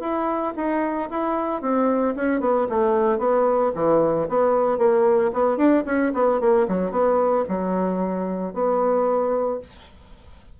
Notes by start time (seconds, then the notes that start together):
0.00 E4
0.56 D#4
1.10 E4
1.62 C4
2.16 C#4
2.41 B3
2.69 A3
3.19 B3
3.75 E3
4.29 B3
4.78 A#3
5.33 B3
5.57 D4
5.86 C#4
6.14 B3
6.40 A#3
6.68 F#3
6.91 B3
7.48 F#3
8.53 B3